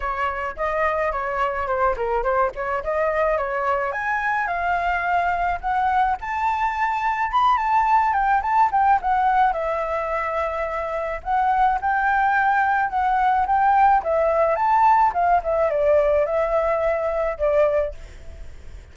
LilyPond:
\new Staff \with { instrumentName = "flute" } { \time 4/4 \tempo 4 = 107 cis''4 dis''4 cis''4 c''8 ais'8 | c''8 cis''8 dis''4 cis''4 gis''4 | f''2 fis''4 a''4~ | a''4 b''8 a''4 g''8 a''8 g''8 |
fis''4 e''2. | fis''4 g''2 fis''4 | g''4 e''4 a''4 f''8 e''8 | d''4 e''2 d''4 | }